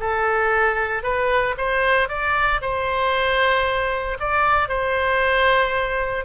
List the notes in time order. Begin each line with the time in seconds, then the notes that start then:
0.00 A4
1.03 B4
1.58 C5
2.09 D5
2.62 C5
4.20 D5
4.69 C5